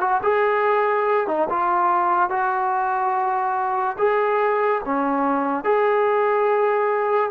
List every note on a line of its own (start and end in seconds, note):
0.00 0.21 F#4
0.23 1.27 G#4
1.27 1.48 D#4
1.49 2.30 F4
2.30 3.96 F#4
3.98 4.81 G#4
4.84 5.64 C#4
5.64 7.30 G#4